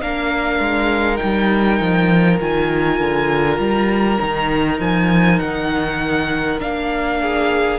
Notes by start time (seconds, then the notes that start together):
0.00 A#3 D4 A#4 F5
0.59 G#3
1.16 D#4 G5
1.23 G3
1.80 F3
2.40 D#3 F4 G#5
3.00 D3
3.58 G3 A#5
4.20 D#3 D#4
4.79 F3 G#5
5.39 D#3 F#5
6.59 A#3 D4 F5
7.21 G#4